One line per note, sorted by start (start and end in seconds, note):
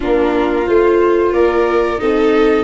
0.00 0.68 A#3
0.00 0.65 D4
0.00 1.32 F4
0.00 0.67 A#4
0.66 1.32 A3
0.66 1.98 F4
0.66 1.32 C5
1.32 1.98 A#3
1.32 2.00 A#4
1.32 1.98 D5
1.98 2.64 C4
1.98 2.64 D#4
1.98 2.64 A4
1.98 2.64 D#5